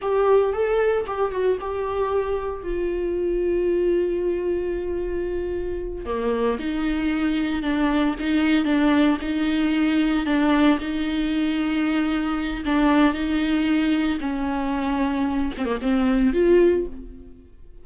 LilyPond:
\new Staff \with { instrumentName = "viola" } { \time 4/4 \tempo 4 = 114 g'4 a'4 g'8 fis'8 g'4~ | g'4 f'2.~ | f'2.~ f'8 ais8~ | ais8 dis'2 d'4 dis'8~ |
dis'8 d'4 dis'2 d'8~ | d'8 dis'2.~ dis'8 | d'4 dis'2 cis'4~ | cis'4. c'16 ais16 c'4 f'4 | }